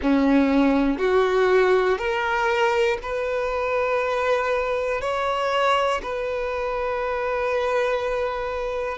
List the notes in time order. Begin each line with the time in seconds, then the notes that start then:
0.01 C#4
0.98 F#4
1.98 A#4
3.02 B4
5.01 C#5
6.03 B4